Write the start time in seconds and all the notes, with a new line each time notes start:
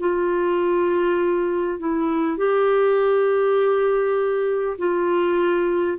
0.00 F4
1.79 E4
2.38 G4
4.78 F4